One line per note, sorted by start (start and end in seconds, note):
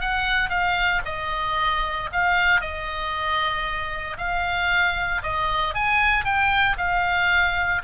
0.00 0.49 F#5
0.49 1.01 F5
1.05 2.09 D#5
2.12 2.60 F5
2.60 4.17 D#5
4.17 5.22 F5
5.22 5.74 D#5
5.74 6.24 G#5
6.24 6.76 G5
6.77 7.81 F5